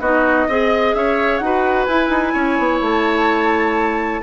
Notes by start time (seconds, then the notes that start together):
0.00 B3 D#4 F#4 D#5
0.48 C4 G#4 D#5
0.94 C#4 C#5 E5
1.38 D#4 F#4 F#5
1.45 B4
1.85 E4 G#5
2.09 D#4
2.34 C#4 C#5
2.59 B3
2.81 A3 A5